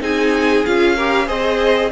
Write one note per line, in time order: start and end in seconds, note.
0.00 0.64 C4
0.00 0.65 D#4
0.00 0.96 G#4
0.00 0.65 G#5
0.65 1.28 C#4
0.65 0.97 F4
0.65 1.28 F5
0.96 1.26 G4
0.96 1.27 A#4
1.26 1.91 C4
1.26 1.90 G#4
1.26 1.90 C5
1.26 1.91 D#5